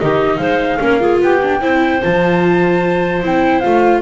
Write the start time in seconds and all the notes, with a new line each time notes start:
0.00 D#3 D#4 G4 D#5
0.38 G#3 C5 F5
0.80 A#3 C#4 A#4
1.00 F4 G#4
1.22 B3 G4 G5
1.43 D4
1.61 C4 E4 C5
2.02 F3 F4 A5
3.23 C4 E4 G5
3.60 F4 F5
3.66 A3